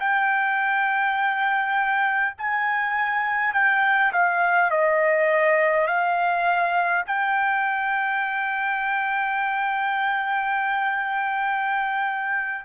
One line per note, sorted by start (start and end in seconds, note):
0.00 2.35 G5
2.38 3.53 G#5
3.53 4.12 G5
4.13 4.71 F5
4.71 5.88 D#5
5.88 7.05 F5
7.06 12.65 G5